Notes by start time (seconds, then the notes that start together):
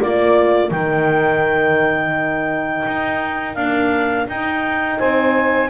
0.00 A#3 F4 D5
0.70 D#3 D#4 A#4 G5
2.87 D#4
3.55 A#3 D4 F5
4.28 D#4 G5
4.98 C4 C5 G#5